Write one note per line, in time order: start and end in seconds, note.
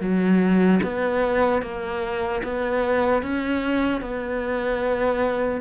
0.00 0.80 F#3
0.83 1.62 B3
1.62 2.42 A#3
2.43 3.22 B3
3.22 4.01 C#4
4.01 5.60 B3